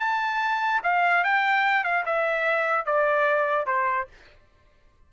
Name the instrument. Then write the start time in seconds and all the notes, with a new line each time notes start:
trumpet
0.00 A5
0.83 F5
1.24 G5
1.84 F5
2.06 E5
2.86 D5
3.67 C5